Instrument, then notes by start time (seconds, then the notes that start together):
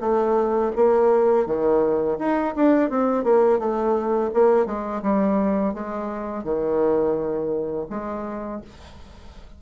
bassoon
0.00 A3
0.76 A#3
1.46 D#3
2.19 D#4
2.56 D4
2.90 C4
3.24 A#3
3.59 A3
4.34 A#3
4.66 G#3
5.02 G3
5.74 G#3
6.44 D#3
7.90 G#3